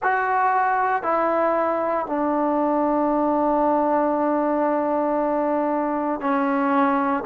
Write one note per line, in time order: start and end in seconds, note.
0.02 1.03 F#4
1.03 2.06 E4
2.06 6.20 D4
6.20 7.24 C#4